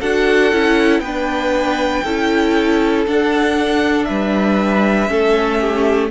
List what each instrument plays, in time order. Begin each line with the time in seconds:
0.00 cello D4, viola F#4, violin A4 F#5
0.53 cello C#4, viola E4
1.00 cello B3, violin B4 G5
1.06 viola D4
2.04 cello C#4, viola E4, violin A4
3.07 cello D4, viola D4, violin F#5
4.04 cello G3, violin B4 E5
5.08 cello A3, viola C#4, violin A4
5.61 violin G4